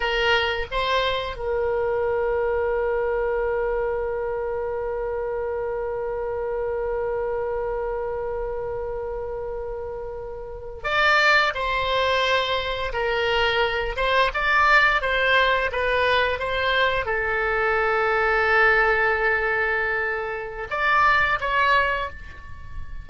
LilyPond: \new Staff \with { instrumentName = "oboe" } { \time 4/4 \tempo 4 = 87 ais'4 c''4 ais'2~ | ais'1~ | ais'1~ | ais'2.~ ais'8. d''16~ |
d''8. c''2 ais'4~ ais'16~ | ais'16 c''8 d''4 c''4 b'4 c''16~ | c''8. a'2.~ a'16~ | a'2 d''4 cis''4 | }